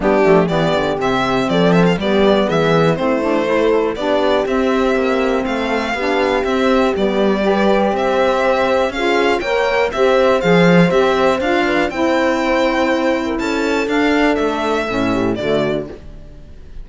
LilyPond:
<<
  \new Staff \with { instrumentName = "violin" } { \time 4/4 \tempo 4 = 121 g'4 d''4 e''4 d''8 e''16 f''16 | d''4 e''4 c''2 | d''4 e''2 f''4~ | f''4 e''4 d''2 |
e''2 f''4 g''4 | e''4 f''4 e''4 f''4 | g''2. a''4 | f''4 e''2 d''4 | }
  \new Staff \with { instrumentName = "horn" } { \time 4/4 d'4 g'2 a'4 | g'4 gis'4 e'4 a'4 | g'2. a'4 | g'2. b'4 |
c''2 gis'4 cis''4 | c''2.~ c''8 b'8 | c''2~ c''8. ais'16 a'4~ | a'2~ a'8 g'8 fis'4 | }
  \new Staff \with { instrumentName = "saxophone" } { \time 4/4 b8 a8 b4 c'2 | b2 c'8 d'8 e'4 | d'4 c'2. | d'4 c'4 b4 g'4~ |
g'2 f'4 ais'4 | g'4 gis'4 g'4 f'4 | e'1 | d'2 cis'4 a4 | }
  \new Staff \with { instrumentName = "cello" } { \time 4/4 g8 f8 e8 d8 c4 f4 | g4 e4 a2 | b4 c'4 ais4 a4 | b4 c'4 g2 |
c'2 cis'4 ais4 | c'4 f4 c'4 d'4 | c'2. cis'4 | d'4 a4 a,4 d4 | }
>>